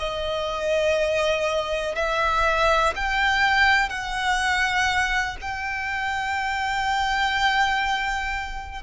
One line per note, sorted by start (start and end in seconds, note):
0.00 1.96 D#5
1.96 2.94 E5
2.96 3.90 G5
3.90 5.37 F#5
5.42 8.83 G5